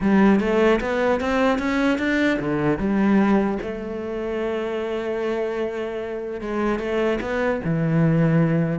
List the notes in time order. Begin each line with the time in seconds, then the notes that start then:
0.00 G3
0.40 A3
0.81 B3
1.20 C4
1.59 C#4
1.98 D4
2.39 D3
2.78 G3
3.62 A3
6.41 G#3
6.79 A3
7.20 B3
7.64 E3